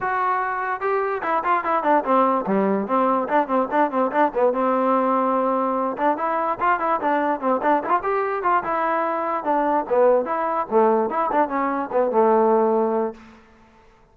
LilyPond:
\new Staff \with { instrumentName = "trombone" } { \time 4/4 \tempo 4 = 146 fis'2 g'4 e'8 f'8 | e'8 d'8 c'4 g4 c'4 | d'8 c'8 d'8 c'8 d'8 b8 c'4~ | c'2~ c'8 d'8 e'4 |
f'8 e'8 d'4 c'8 d'8 e'16 f'16 g'8~ | g'8 f'8 e'2 d'4 | b4 e'4 a4 e'8 d'8 | cis'4 b8 a2~ a8 | }